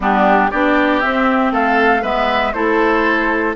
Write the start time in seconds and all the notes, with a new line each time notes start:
0.00 G3 B3 D4 G4
0.50 B3 D4 G4 D5
1.00 C4 E5
1.51 A3 A4 F5
2.01 G#3 B3 B4 E5
2.52 A3 E4 A4 C5